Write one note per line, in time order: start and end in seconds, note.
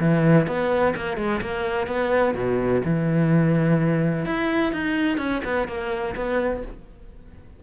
0.00 0.47 E3
0.47 0.94 B3
0.96 1.17 A#3
1.17 1.41 G#3
1.42 1.87 A#3
1.87 2.35 B3
2.35 2.82 B2
2.85 4.26 E3
4.26 4.73 E4
4.73 5.18 D#4
5.18 5.42 C#4
5.44 5.68 B3
5.68 6.15 A#3
6.16 6.63 B3